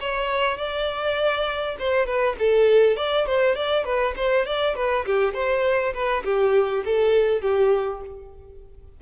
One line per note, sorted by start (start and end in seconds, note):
0.00 0.58 C#5
0.58 1.76 D5
1.79 2.06 C5
2.06 2.36 B4
2.39 2.96 A4
2.96 3.26 D5
3.26 3.55 C5
3.55 3.84 D5
3.84 4.14 B4
4.16 4.46 C5
4.46 4.76 D5
4.76 5.05 B4
5.05 5.34 G4
5.34 5.93 C5
5.94 6.23 B4
6.24 6.83 G4
6.85 7.41 A4
7.41 8.01 G4